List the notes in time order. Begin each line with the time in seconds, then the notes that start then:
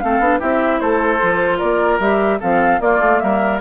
0.00 A3 C4 A4 F5
0.20 B3 D4
0.39 C4 E4 G4 E5
0.80 A3 A4 C5
1.22 F3 F4
1.58 A#3 A#4 D5
2.00 G3 G4 E5
2.40 F3 C4 A4 F5
2.80 A#3 F4 D5
2.99 A3
3.19 G3 A#4 E5